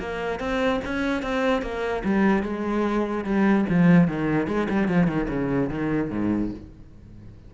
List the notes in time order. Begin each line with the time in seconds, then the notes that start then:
0.00 A#3
0.40 C4
0.85 C#4
1.23 C4
1.63 A#3
2.05 G3
2.43 G#3
3.25 G3
3.69 F3
4.08 D#3
4.48 G#3
4.70 G3
4.88 F3
5.08 D#3
5.29 C#3
5.70 D#3
6.11 G#2